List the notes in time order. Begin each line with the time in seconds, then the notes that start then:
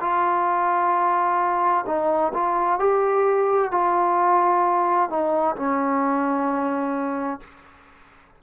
0.00 F4
1.86 D#4
2.33 F4
2.79 G4
3.71 F4
5.09 D#4
5.56 C#4